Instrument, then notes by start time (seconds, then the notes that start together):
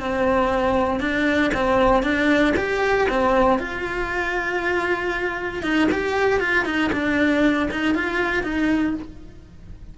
cello
0.00 C4
1.00 D4
1.54 C4
2.03 D4
2.57 G4
3.10 C4
3.59 F4
5.63 D#4
5.92 G4
6.40 F4
6.66 D#4
6.93 D4
7.71 D#4
7.95 F4
8.44 D#4